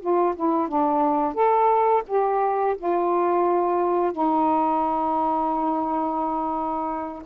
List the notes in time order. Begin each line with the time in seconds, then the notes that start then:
0.00 F4
0.36 E4
0.68 D4
1.34 A4
2.07 G4
2.77 F4
4.12 D#4